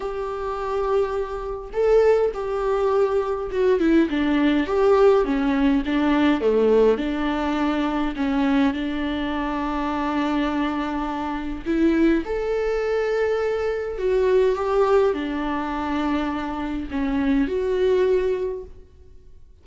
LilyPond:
\new Staff \with { instrumentName = "viola" } { \time 4/4 \tempo 4 = 103 g'2. a'4 | g'2 fis'8 e'8 d'4 | g'4 cis'4 d'4 a4 | d'2 cis'4 d'4~ |
d'1 | e'4 a'2. | fis'4 g'4 d'2~ | d'4 cis'4 fis'2 | }